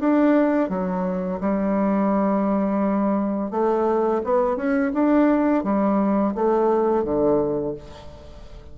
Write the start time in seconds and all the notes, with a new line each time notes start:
0.00 D4
0.69 F#3
1.41 G3
3.51 A3
4.24 B3
4.57 C#4
4.94 D4
5.64 G3
6.35 A3
7.04 D3